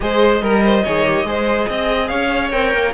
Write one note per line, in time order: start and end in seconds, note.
0.00 0.42 G#3
0.00 0.41 G#4
0.00 0.42 C5
0.00 2.07 D#5
0.42 0.84 G3
0.42 0.63 A#4
0.42 0.85 A#4
0.64 0.83 C5
0.83 1.23 D#3
0.83 1.06 G#4
0.83 1.25 C#5
1.06 1.26 G4
1.23 1.65 G#3
1.23 2.51 G#4
1.23 1.69 C5
1.69 2.10 C4
1.69 2.09 D#5
2.07 2.52 C#4
2.07 2.93 C#5
2.07 2.49 F5
2.51 2.73 C4
2.51 2.93 A#4
2.51 2.93 G5
2.73 2.93 A#3